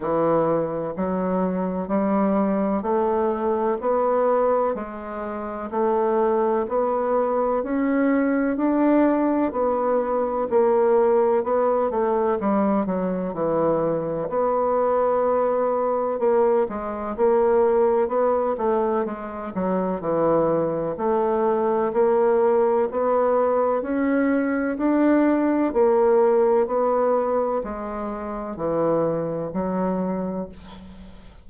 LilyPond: \new Staff \with { instrumentName = "bassoon" } { \time 4/4 \tempo 4 = 63 e4 fis4 g4 a4 | b4 gis4 a4 b4 | cis'4 d'4 b4 ais4 | b8 a8 g8 fis8 e4 b4~ |
b4 ais8 gis8 ais4 b8 a8 | gis8 fis8 e4 a4 ais4 | b4 cis'4 d'4 ais4 | b4 gis4 e4 fis4 | }